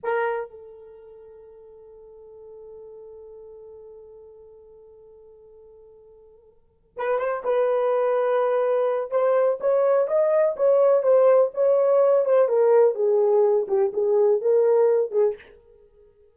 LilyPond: \new Staff \with { instrumentName = "horn" } { \time 4/4 \tempo 4 = 125 ais'4 a'2.~ | a'1~ | a'1~ | a'2~ a'8 b'8 c''8 b'8~ |
b'2. c''4 | cis''4 dis''4 cis''4 c''4 | cis''4. c''8 ais'4 gis'4~ | gis'8 g'8 gis'4 ais'4. gis'8 | }